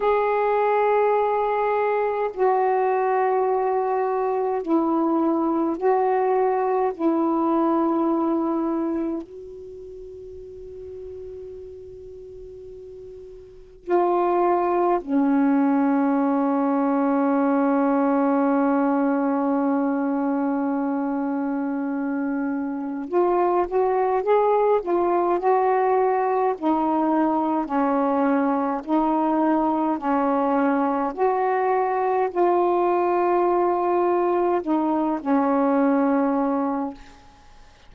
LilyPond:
\new Staff \with { instrumentName = "saxophone" } { \time 4/4 \tempo 4 = 52 gis'2 fis'2 | e'4 fis'4 e'2 | fis'1 | f'4 cis'2.~ |
cis'1 | f'8 fis'8 gis'8 f'8 fis'4 dis'4 | cis'4 dis'4 cis'4 fis'4 | f'2 dis'8 cis'4. | }